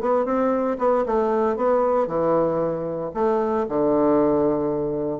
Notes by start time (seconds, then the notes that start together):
0.00 B3
0.25 C4
0.78 B3
1.06 A3
1.56 B3
2.07 E3
3.14 A3
3.68 D3